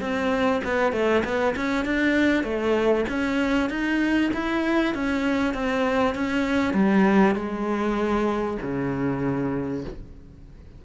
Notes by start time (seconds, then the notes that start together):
0.00 C4
0.64 B3
0.92 A3
1.24 B3
1.56 C#4
1.85 D4
2.43 A3
3.08 C#4
3.69 D#4
4.33 E4
4.94 C#4
5.54 C4
6.14 C#4
6.73 G3
7.35 G#3
8.62 C#3